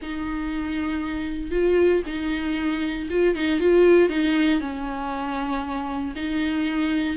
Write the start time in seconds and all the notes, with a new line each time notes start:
0.02 D#4
1.51 F4
2.06 D#4
3.09 F4
3.35 D#4
3.59 F4
4.09 D#4
4.60 C#4
6.15 D#4